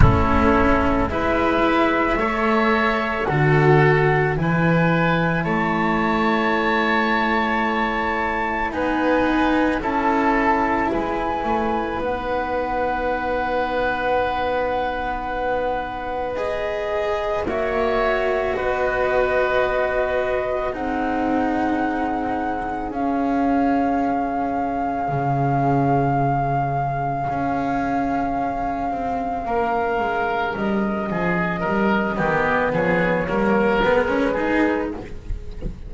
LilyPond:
<<
  \new Staff \with { instrumentName = "flute" } { \time 4/4 \tempo 4 = 55 a'4 e''2 fis''4 | gis''4 a''2. | gis''4 a''4 gis''4 fis''4~ | fis''2. dis''4 |
e''4 dis''2 fis''4~ | fis''4 f''2.~ | f''1 | dis''2 cis''4 b'4 | }
  \new Staff \with { instrumentName = "oboe" } { \time 4/4 e'4 b'4 cis''4 a'4 | b'4 cis''2. | b'4 a'4 b'2~ | b'1 |
cis''4 b'2 gis'4~ | gis'1~ | gis'2. ais'4~ | ais'8 gis'8 ais'8 g'8 gis'8 ais'4 gis'8 | }
  \new Staff \with { instrumentName = "cello" } { \time 4/4 cis'4 e'4 a'4 fis'4 | e'1 | dis'4 e'2 dis'4~ | dis'2. gis'4 |
fis'2. dis'4~ | dis'4 cis'2.~ | cis'1~ | cis'4. b4 ais8 b16 cis'16 dis'8 | }
  \new Staff \with { instrumentName = "double bass" } { \time 4/4 a4 gis4 a4 d4 | e4 a2. | b4 cis'4 gis8 a8 b4~ | b1 |
ais4 b2 c'4~ | c'4 cis'2 cis4~ | cis4 cis'4. c'8 ais8 gis8 | g8 f8 g8 dis8 f8 g8 gis4 | }
>>